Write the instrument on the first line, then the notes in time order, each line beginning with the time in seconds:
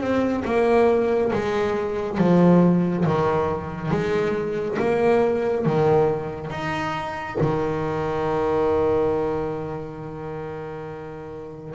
double bass
0.00 C4
0.45 A#3
1.33 G#3
2.18 F3
3.06 D#3
3.91 G#3
4.79 A#3
5.65 D#3
6.50 D#4
7.40 D#3